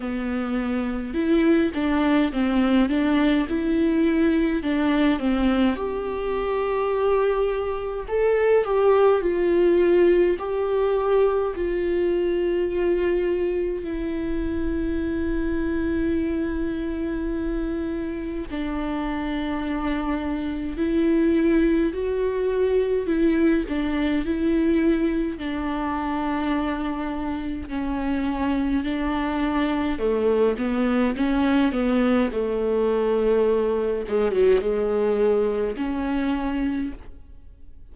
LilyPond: \new Staff \with { instrumentName = "viola" } { \time 4/4 \tempo 4 = 52 b4 e'8 d'8 c'8 d'8 e'4 | d'8 c'8 g'2 a'8 g'8 | f'4 g'4 f'2 | e'1 |
d'2 e'4 fis'4 | e'8 d'8 e'4 d'2 | cis'4 d'4 a8 b8 cis'8 b8 | a4. gis16 fis16 gis4 cis'4 | }